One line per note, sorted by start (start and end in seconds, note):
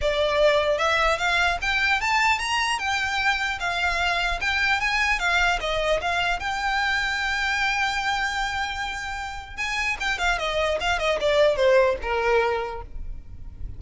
0.01 0.77 D5
0.77 1.17 E5
1.18 1.58 F5
1.61 2.00 G5
2.00 2.39 A5
2.39 2.78 A#5
2.78 3.58 G5
3.59 4.39 F5
4.41 4.80 G5
4.80 5.19 G#5
5.19 5.59 F5
5.60 6.00 D#5
6.01 6.39 F5
6.39 9.57 G5
9.57 9.97 G#5
9.99 10.18 G5
10.18 10.38 F5
10.38 10.78 D#5
10.80 10.99 F5
10.99 11.19 D#5
11.20 11.56 D5
11.56 11.96 C5
12.02 12.82 A#4